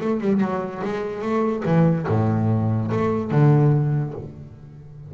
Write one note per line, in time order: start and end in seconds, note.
0.00 0.21 A3
0.21 0.40 G3
0.40 0.82 F#3
0.84 1.22 G#3
1.22 1.63 A3
1.65 2.07 E3
2.07 2.90 A2
2.91 3.30 A3
3.30 4.13 D3